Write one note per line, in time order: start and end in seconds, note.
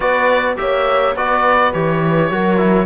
0.00 0.57 B3
0.00 0.56 F#4
0.00 0.56 B4
0.00 0.55 D5
0.56 1.15 A#3
0.56 1.14 G4
0.56 1.15 C#5
0.56 1.15 E5
1.15 1.73 B3
1.15 1.74 F#4
1.15 2.30 B4
1.15 1.72 D5
1.72 2.30 E3
1.72 2.31 G4
1.72 2.86 C#5
2.30 2.86 F#3
2.30 2.57 F#4
2.30 2.86 A#4
2.57 2.86 E4